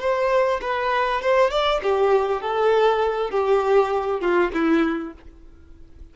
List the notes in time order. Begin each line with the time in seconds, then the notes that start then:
0.00 C5
0.61 B4
1.21 C5
1.50 D5
1.82 G4
2.41 A4
3.30 G4
4.20 F4
4.53 E4